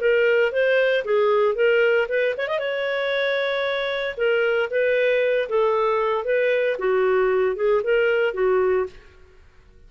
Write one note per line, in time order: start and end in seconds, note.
0.00 0.52 A#4
0.52 1.04 C5
1.05 1.55 G#4
1.55 2.07 A#4
2.08 2.35 B4
2.37 2.48 C#5
2.48 2.59 D#5
2.59 4.15 C#5
4.17 4.69 A#4
4.70 5.48 B4
5.49 6.24 A4
6.24 6.77 B4
6.78 7.56 F#4
7.56 7.82 G#4
7.83 8.34 A#4
8.34 8.86 F#4